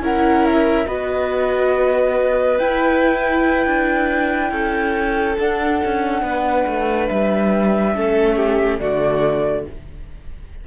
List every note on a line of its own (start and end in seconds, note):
0.00 0.86 C#4
0.00 0.86 E4
0.00 0.86 A#4
0.00 0.46 F#5
0.46 0.87 E5
0.86 2.59 B3
0.86 2.58 F#4
0.86 4.51 B4
0.86 2.58 D#5
2.58 3.66 E4
2.58 5.38 E4
2.58 5.37 G5
3.66 4.51 D4
4.51 5.37 C#4
4.51 6.23 A4
5.38 7.94 D4
5.38 5.82 D4
5.38 7.07 F#5
5.84 6.22 C#4
6.22 6.65 B3
6.22 7.95 B4
6.66 7.09 A3
7.07 7.94 G3
7.07 8.79 E5
7.94 8.80 A3
7.94 8.80 C#4
7.94 8.37 A4
8.37 8.80 G4
8.79 9.66 D3
8.79 9.66 A3
8.79 9.67 F#4
8.79 9.65 D5